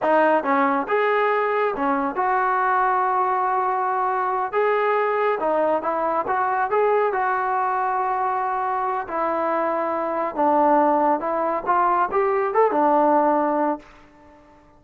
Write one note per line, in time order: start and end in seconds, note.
0.02 0.43 D#4
0.43 0.86 C#4
0.88 1.74 G#4
1.75 2.15 C#4
2.15 4.52 F#4
4.52 5.38 G#4
5.40 5.82 D#4
5.82 6.25 E4
6.27 6.70 F#4
6.70 7.13 G#4
7.13 9.07 F#4
9.07 10.35 E4
10.35 11.20 D4
11.20 11.63 E4
11.66 12.09 F4
12.11 12.54 G4
12.54 12.71 A4
12.71 13.79 D4